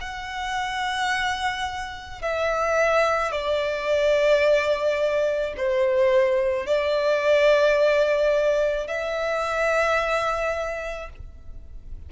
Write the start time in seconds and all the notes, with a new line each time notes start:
0.00 F#5
2.21 E5
3.31 D5
5.57 C5
6.66 D5
8.87 E5